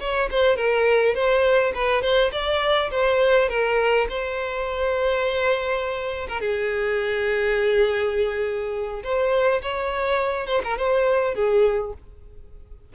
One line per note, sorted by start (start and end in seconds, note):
0.00 0.29 C#5
0.31 0.56 C5
0.56 1.15 A#4
1.15 1.73 C5
1.74 2.02 B4
2.02 2.31 C5
2.32 2.90 D5
2.91 3.49 C5
3.49 4.07 A#4
4.09 6.28 C5
6.29 6.40 A#4
6.40 9.02 G#4
9.03 9.62 C5
9.62 10.47 C#5
10.47 10.62 C5
10.64 10.77 A#4
10.77 11.35 C5
11.35 11.93 G#4